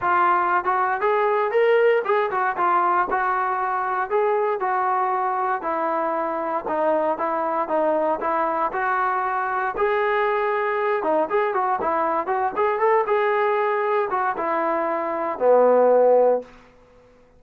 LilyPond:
\new Staff \with { instrumentName = "trombone" } { \time 4/4 \tempo 4 = 117 f'4~ f'16 fis'8. gis'4 ais'4 | gis'8 fis'8 f'4 fis'2 | gis'4 fis'2 e'4~ | e'4 dis'4 e'4 dis'4 |
e'4 fis'2 gis'4~ | gis'4. dis'8 gis'8 fis'8 e'4 | fis'8 gis'8 a'8 gis'2 fis'8 | e'2 b2 | }